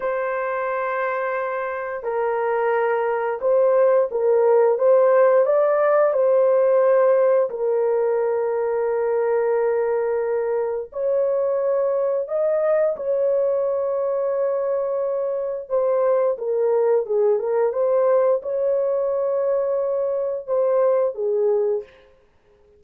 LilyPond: \new Staff \with { instrumentName = "horn" } { \time 4/4 \tempo 4 = 88 c''2. ais'4~ | ais'4 c''4 ais'4 c''4 | d''4 c''2 ais'4~ | ais'1 |
cis''2 dis''4 cis''4~ | cis''2. c''4 | ais'4 gis'8 ais'8 c''4 cis''4~ | cis''2 c''4 gis'4 | }